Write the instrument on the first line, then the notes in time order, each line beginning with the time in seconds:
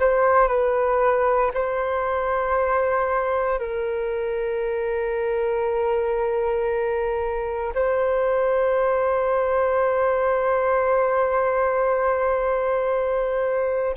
flute
0.00 C5
0.48 B4
1.54 C5
3.59 A#4
7.75 C5